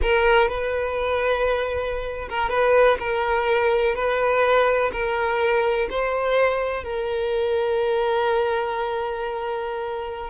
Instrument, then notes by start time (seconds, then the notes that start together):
violin
0.02 A#4
0.48 B4
2.29 A#4
2.49 B4
2.99 A#4
3.95 B4
4.92 A#4
5.89 C5
6.83 A#4